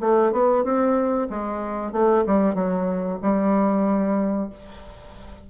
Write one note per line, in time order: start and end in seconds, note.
0.00 0.32 A3
0.32 0.64 B3
0.64 1.28 C4
1.30 1.92 G#3
1.92 2.24 A3
2.26 2.54 G3
2.54 3.18 F#3
3.22 4.49 G3